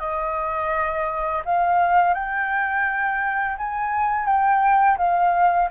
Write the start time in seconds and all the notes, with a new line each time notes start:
0.00 D#5
1.45 F5
2.15 G5
3.58 G#5
4.26 G5
4.98 F5